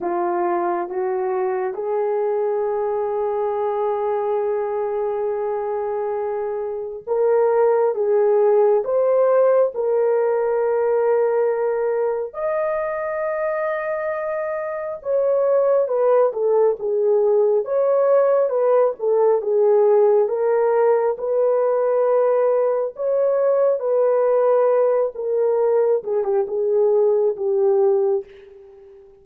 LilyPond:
\new Staff \with { instrumentName = "horn" } { \time 4/4 \tempo 4 = 68 f'4 fis'4 gis'2~ | gis'1 | ais'4 gis'4 c''4 ais'4~ | ais'2 dis''2~ |
dis''4 cis''4 b'8 a'8 gis'4 | cis''4 b'8 a'8 gis'4 ais'4 | b'2 cis''4 b'4~ | b'8 ais'4 gis'16 g'16 gis'4 g'4 | }